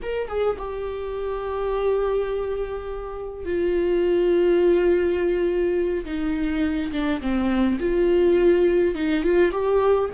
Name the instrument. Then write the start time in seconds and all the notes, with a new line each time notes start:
viola
0.02 A#4
0.28 G#4
0.58 G4
3.45 F4
6.05 D#4
6.92 D4
7.21 C4
7.79 F4
8.94 D#4
9.23 F4
9.51 G4